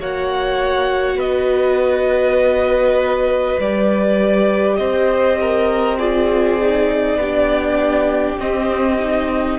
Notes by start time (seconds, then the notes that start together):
0.00 A#3 F#4 C#5 F#5
1.17 B3 B4 D#5
3.60 G3 G4 D5
4.76 C4 C5 D#5
5.41 A#4
5.99 F4 G#4 D5
6.61 D#4
7.17 B3 D4 G4
8.39 C4 D#5
9.00 D#4